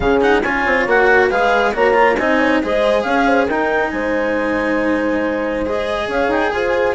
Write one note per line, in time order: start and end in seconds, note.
0.00 0.42 C#3
0.00 0.21 C#4
0.00 0.42 G#4
0.00 0.21 F5
0.21 0.42 D#4
0.21 0.42 F#5
0.42 0.64 C#4
0.42 0.88 F4
0.42 1.28 C#5
0.42 0.86 G#5
0.66 0.86 C4
0.86 1.30 A#3
0.86 1.30 F#4
0.86 1.29 F#5
1.28 1.74 G#3
1.28 1.74 G#4
1.28 1.72 B4
1.28 1.73 F5
1.74 2.18 A#3
1.74 1.93 F#4
1.74 2.17 C#5
1.74 2.18 A#5
1.93 2.15 F4
2.18 2.61 C4
2.18 2.62 D#4
2.18 2.38 D#5
2.18 2.61 G#5
2.38 2.60 C#5
2.62 3.04 G#3
2.62 3.49 G#4
2.62 3.05 C5
2.62 3.02 D#5
3.02 3.48 C#4
3.02 3.26 C#5
3.02 3.46 F5
3.26 3.46 C5
3.46 3.92 D#4
3.46 5.65 D#4
3.46 3.89 A#4
3.46 3.90 G5
3.90 6.07 G#3
3.90 6.07 C5
3.90 5.64 G#5
5.65 6.95 G#4
5.65 6.09 D#5
6.07 6.28 C#4
6.07 6.50 C#5
6.07 6.31 F5
6.28 6.50 D#4
6.28 6.52 G5
6.52 6.95 F4
6.52 6.95 C5
6.52 6.95 G#5